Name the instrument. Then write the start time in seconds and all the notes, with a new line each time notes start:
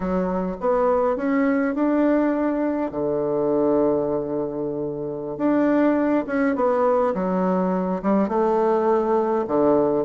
bassoon
0.00 F#3
0.60 B3
1.16 C#4
1.74 D4
2.91 D3
5.37 D4
6.26 C#4
6.55 B3
7.14 F#3
8.02 G3
8.28 A3
9.47 D3